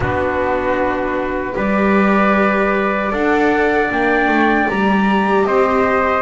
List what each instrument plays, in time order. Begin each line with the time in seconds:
0.00 double bass B3, viola D4, trumpet F#4, flute B4
1.52 double bass G3, viola G4, trumpet B4, flute D5
3.10 double bass D4, viola A4, trumpet D5, flute F#5
3.90 double bass A#3, viola D4, flute G5
4.27 double bass A3
4.67 double bass G3, viola G4, flute A#5
5.44 double bass C4, trumpet C5, flute D#5